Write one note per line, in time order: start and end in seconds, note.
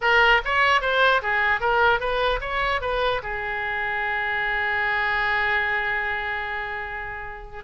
0.01 0.41 A#4
0.44 0.81 C#5
0.81 1.21 C5
1.22 1.60 G#4
1.60 2.00 A#4
2.00 2.40 B4
2.40 2.81 C#5
2.81 3.21 B4
3.22 7.64 G#4